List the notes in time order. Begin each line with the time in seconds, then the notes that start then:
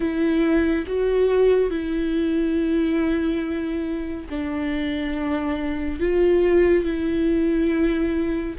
0.00 E4
0.86 F#4
1.70 E4
4.29 D4
6.00 F4
6.84 E4